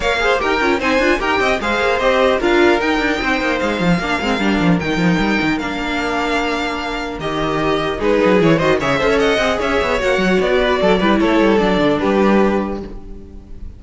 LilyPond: <<
  \new Staff \with { instrumentName = "violin" } { \time 4/4 \tempo 4 = 150 f''4 g''4 gis''4 g''4 | f''4 dis''4 f''4 g''4~ | g''4 f''2. | g''2 f''2~ |
f''2 dis''2 | b'4 cis''8 dis''8 e''4 fis''4 | e''4 fis''4 d''2 | cis''4 d''4 b'2 | }
  \new Staff \with { instrumentName = "violin" } { \time 4/4 cis''8 c''8 ais'4 c''4 ais'8 dis''8 | c''2 ais'2 | c''2 ais'2~ | ais'1~ |
ais'1 | gis'4. c''8 cis''8 c''16 cis''16 dis''4 | cis''2~ cis''8 b'8 a'8 b'8 | a'2 g'2 | }
  \new Staff \with { instrumentName = "viola" } { \time 4/4 ais'8 gis'8 g'8 f'8 dis'8 f'8 g'4 | gis'4 g'4 f'4 dis'4~ | dis'2 d'8 c'8 d'4 | dis'2 d'2~ |
d'2 g'2 | dis'4 e'8 fis'8 gis'8 a'4 gis'8~ | gis'4 fis'2~ fis'8 e'8~ | e'4 d'2. | }
  \new Staff \with { instrumentName = "cello" } { \time 4/4 ais4 dis'8 cis'8 c'8 d'8 dis'8 c'8 | gis8 ais8 c'4 d'4 dis'8 d'8 | c'8 ais8 gis8 f8 ais8 gis8 g8 f8 | dis8 f8 g8 dis8 ais2~ |
ais2 dis2 | gis8 fis8 e8 dis8 cis8 cis'4 c'8 | cis'8 b8 ais8 fis8 b4 fis8 g8 | a8 g8 fis8 d8 g2 | }
>>